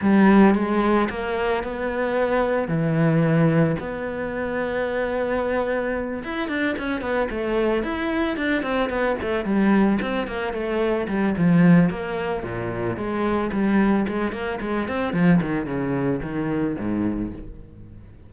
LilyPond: \new Staff \with { instrumentName = "cello" } { \time 4/4 \tempo 4 = 111 g4 gis4 ais4 b4~ | b4 e2 b4~ | b2.~ b8 e'8 | d'8 cis'8 b8 a4 e'4 d'8 |
c'8 b8 a8 g4 c'8 ais8 a8~ | a8 g8 f4 ais4 ais,4 | gis4 g4 gis8 ais8 gis8 c'8 | f8 dis8 cis4 dis4 gis,4 | }